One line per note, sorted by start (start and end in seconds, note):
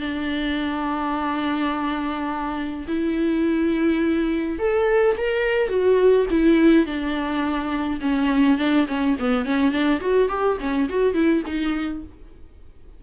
0.00 2.86 D4
2.87 4.59 E4
4.59 5.16 A4
5.17 5.69 A#4
5.69 6.26 F#4
6.30 6.86 E4
6.86 8.00 D4
8.01 8.58 C#4
8.58 8.86 D4
8.88 9.16 C#4
9.19 9.45 B3
9.45 9.71 C#4
9.71 10.00 D4
10.00 10.29 F#4
10.29 10.57 G4
10.60 10.89 C#4
10.89 11.14 F#4
11.14 11.42 E4
11.46 12.03 D#4